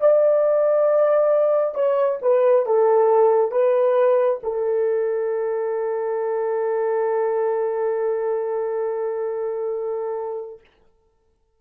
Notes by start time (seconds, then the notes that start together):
0.00 D5
1.74 C#5
2.22 B4
2.66 A4
3.51 B4
4.43 A4